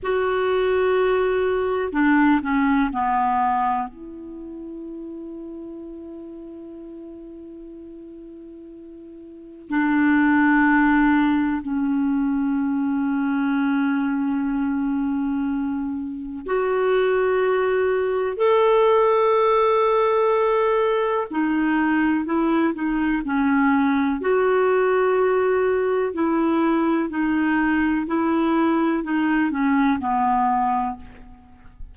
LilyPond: \new Staff \with { instrumentName = "clarinet" } { \time 4/4 \tempo 4 = 62 fis'2 d'8 cis'8 b4 | e'1~ | e'2 d'2 | cis'1~ |
cis'4 fis'2 a'4~ | a'2 dis'4 e'8 dis'8 | cis'4 fis'2 e'4 | dis'4 e'4 dis'8 cis'8 b4 | }